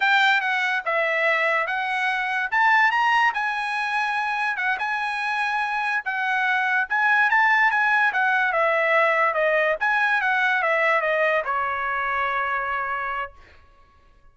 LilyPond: \new Staff \with { instrumentName = "trumpet" } { \time 4/4 \tempo 4 = 144 g''4 fis''4 e''2 | fis''2 a''4 ais''4 | gis''2. fis''8 gis''8~ | gis''2~ gis''8 fis''4.~ |
fis''8 gis''4 a''4 gis''4 fis''8~ | fis''8 e''2 dis''4 gis''8~ | gis''8 fis''4 e''4 dis''4 cis''8~ | cis''1 | }